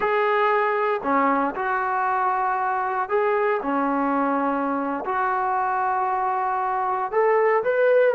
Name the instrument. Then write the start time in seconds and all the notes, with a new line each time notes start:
trombone
0.00 G#4
1.03 C#4
1.55 F#4
3.09 G#4
3.62 C#4
5.05 F#4
7.11 A4
7.63 B4